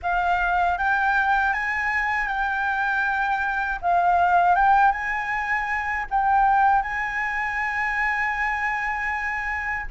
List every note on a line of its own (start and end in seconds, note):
0.02 0.78 F5
0.78 1.53 G5
1.53 2.27 G#5
2.27 3.79 G5
3.81 4.55 F5
4.55 4.91 G5
4.91 6.05 G#5
6.10 6.82 G5
6.82 9.86 G#5